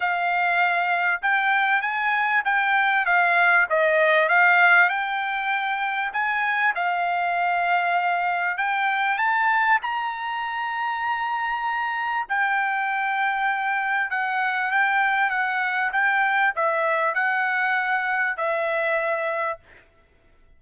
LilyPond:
\new Staff \with { instrumentName = "trumpet" } { \time 4/4 \tempo 4 = 98 f''2 g''4 gis''4 | g''4 f''4 dis''4 f''4 | g''2 gis''4 f''4~ | f''2 g''4 a''4 |
ais''1 | g''2. fis''4 | g''4 fis''4 g''4 e''4 | fis''2 e''2 | }